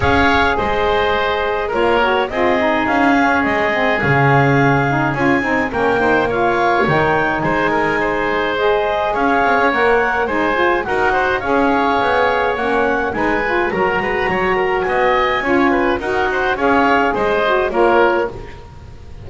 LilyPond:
<<
  \new Staff \with { instrumentName = "clarinet" } { \time 4/4 \tempo 4 = 105 f''4 dis''2 cis''4 | dis''4 f''4 dis''4 f''4~ | f''4 gis''4 g''4 f''4 | g''4 gis''2 dis''4 |
f''4 fis''4 gis''4 fis''4 | f''2 fis''4 gis''4 | ais''2 gis''2 | fis''4 f''4 dis''4 cis''4 | }
  \new Staff \with { instrumentName = "oboe" } { \time 4/4 cis''4 c''2 ais'4 | gis'1~ | gis'2 ais'8 c''8 cis''4~ | cis''4 c''8 ais'8 c''2 |
cis''2 c''4 ais'8 c''8 | cis''2. b'4 | ais'8 b'8 cis''8 ais'8 dis''4 cis''8 b'8 | ais'8 c''8 cis''4 c''4 ais'4 | }
  \new Staff \with { instrumentName = "saxophone" } { \time 4/4 gis'2. f'8 fis'8 | f'8 dis'4 cis'4 c'8 cis'4~ | cis'8 dis'8 f'8 dis'8 cis'8 dis'8 f'4 | dis'2. gis'4~ |
gis'4 ais'4 dis'8 f'8 fis'4 | gis'2 cis'4 dis'8 f'8 | fis'2. f'4 | fis'4 gis'4. fis'8 f'4 | }
  \new Staff \with { instrumentName = "double bass" } { \time 4/4 cis'4 gis2 ais4 | c'4 cis'4 gis4 cis4~ | cis4 cis'8 c'8 ais2 | dis4 gis2. |
cis'8 c'16 cis'16 ais4 gis4 dis'4 | cis'4 b4 ais4 gis4 | fis8 gis8 fis4 b4 cis'4 | dis'4 cis'4 gis4 ais4 | }
>>